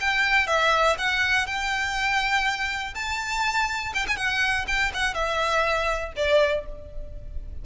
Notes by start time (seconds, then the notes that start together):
0.00 G5
0.47 E5
0.98 F#5
1.46 G5
2.94 A5
3.94 G5
4.08 G#5
4.16 F#5
4.67 G5
4.94 F#5
5.14 E5
6.16 D5